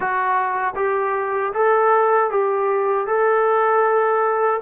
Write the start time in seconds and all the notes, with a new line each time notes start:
0.00 F#4
0.75 G4
1.53 A4
2.30 G4
3.06 A4